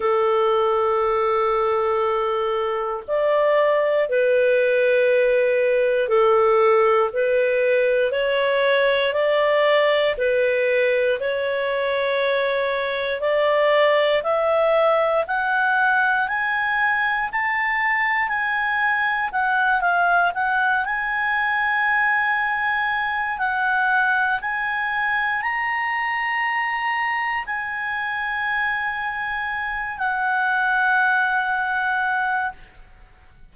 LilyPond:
\new Staff \with { instrumentName = "clarinet" } { \time 4/4 \tempo 4 = 59 a'2. d''4 | b'2 a'4 b'4 | cis''4 d''4 b'4 cis''4~ | cis''4 d''4 e''4 fis''4 |
gis''4 a''4 gis''4 fis''8 f''8 | fis''8 gis''2~ gis''8 fis''4 | gis''4 ais''2 gis''4~ | gis''4. fis''2~ fis''8 | }